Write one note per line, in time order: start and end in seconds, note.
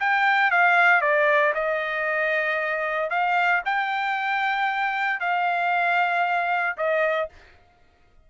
0.00 0.51 G5
0.51 1.01 F5
1.01 1.53 D5
1.54 3.10 D#5
3.10 3.62 F5
3.65 5.20 G5
5.20 6.77 F5
6.77 7.29 D#5